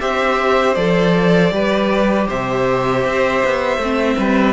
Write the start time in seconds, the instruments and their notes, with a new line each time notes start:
0.00 cello C4, viola G4, violin C5 E5
0.75 cello F3, viola A4, violin D5
1.52 cello G3, viola G4, violin B4
2.28 cello C3, violin C5 E5
3.05 cello C4
3.45 cello B3
3.78 cello A3, viola C4
4.17 cello G3, violin B4